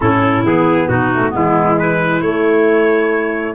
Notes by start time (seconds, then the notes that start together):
0.00 A2 C#4 E4 A4
0.43 E3 B3 G#4
0.88 B2 D#4 F#4
1.13 A3
1.29 E3 G#3 B3 E4
1.78 E4 B4
2.21 A3 C#5